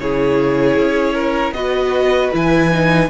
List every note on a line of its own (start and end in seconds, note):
0.00 0.78 C#3
0.00 1.55 E4
0.00 1.15 G#4
0.00 1.54 C#5
0.78 1.52 C#4
1.15 1.54 A#4
1.52 2.30 B3
1.52 2.33 F#4
1.52 3.10 B4
1.52 2.31 D#5
2.33 3.10 E3
2.33 2.71 E4
2.33 3.10 G#5
2.71 3.10 D#4